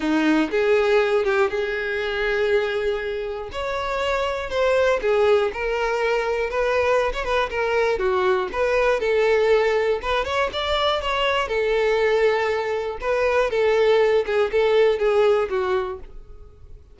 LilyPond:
\new Staff \with { instrumentName = "violin" } { \time 4/4 \tempo 4 = 120 dis'4 gis'4. g'8 gis'4~ | gis'2. cis''4~ | cis''4 c''4 gis'4 ais'4~ | ais'4 b'4~ b'16 cis''16 b'8 ais'4 |
fis'4 b'4 a'2 | b'8 cis''8 d''4 cis''4 a'4~ | a'2 b'4 a'4~ | a'8 gis'8 a'4 gis'4 fis'4 | }